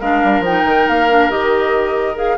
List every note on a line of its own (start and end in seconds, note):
0.00 0.22 G#3
0.00 0.45 D4
0.00 2.38 A#4
0.00 0.43 F5
0.24 0.40 G3
0.40 0.62 F3
0.40 0.89 G5
0.47 1.10 D#4
0.65 0.87 D#3
0.89 1.30 A#3
0.89 1.31 F5
1.10 1.31 D4
1.30 2.38 D#3
1.30 2.15 G4
1.30 2.17 D#5
2.15 2.37 G#4
2.15 2.38 F5